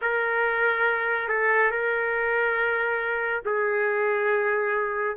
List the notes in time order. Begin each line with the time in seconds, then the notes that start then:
0.01 A#4
1.28 A4
1.71 A#4
3.45 G#4